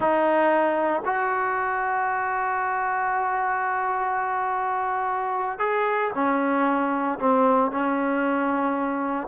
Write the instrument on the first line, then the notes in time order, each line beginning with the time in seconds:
trombone
0.00 D#4
1.05 F#4
5.58 G#4
6.14 C#4
7.19 C4
7.71 C#4